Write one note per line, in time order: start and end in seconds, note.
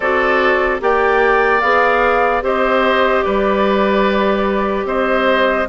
0.00 0.80 C4
0.00 0.79 F#4
0.00 0.81 A4
0.00 0.80 D5
0.79 1.62 A#3
0.79 1.60 G4
0.79 2.44 D5
0.79 1.60 G5
1.60 2.42 B3
1.60 2.42 G#4
1.60 2.42 F5
2.42 3.23 C4
2.42 5.66 G4
2.42 3.24 C5
2.42 3.22 D#5
3.22 4.84 G3
3.22 4.86 B4
3.22 4.84 D5
4.84 5.66 C4
4.84 5.68 C5
4.84 5.68 D#5